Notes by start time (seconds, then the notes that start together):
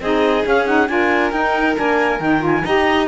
0.00 C4 D#4 G#4 D#5
0.44 C#4 F5
0.66 D#4 F#5
0.88 D4 F4 A#4 G#5
1.31 D#4 G5
1.75 A#3 D4 G#5
2.20 D#3 D#4 G5
2.39 F4
2.46 G#5
2.64 D#4 G4 D#5 A#5